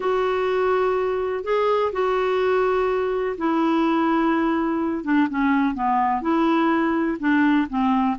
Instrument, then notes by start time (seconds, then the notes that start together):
clarinet
0.00 F#4
1.44 G#4
1.92 F#4
3.37 E4
5.04 D4
5.29 C#4
5.74 B3
6.21 E4
7.19 D4
7.69 C4